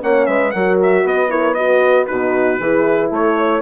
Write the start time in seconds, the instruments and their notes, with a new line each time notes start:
0.00 bassoon A#3, horn C#4 C#5, trumpet F#5
0.26 bassoon G#3, horn B4, trumpet E5
0.51 bassoon F#3, horn F#4 A#4, trumpet F#5
0.82 trumpet E5
1.04 bassoon B3, horn B4, trumpet D#5
1.29 horn E4 A#4, trumpet C#5
1.54 horn F#4 B4, trumpet D#5
2.07 bassoon B2, horn D#4 F#4, trumpet B4
2.59 bassoon E3, horn E4 G#4
3.10 bassoon A3, horn A4, trumpet C#5
3.37 horn C#5